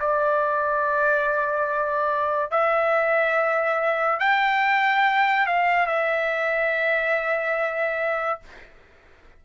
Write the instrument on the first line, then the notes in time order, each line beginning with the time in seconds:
trumpet
0.00 D5
2.51 E5
4.20 G5
5.47 F5
5.87 E5